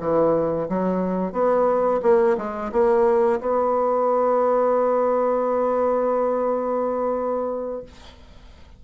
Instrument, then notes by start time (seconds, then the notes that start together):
bassoon
0.00 E3
0.69 F#3
1.33 B3
2.03 A#3
2.37 G#3
2.72 A#3
3.41 B3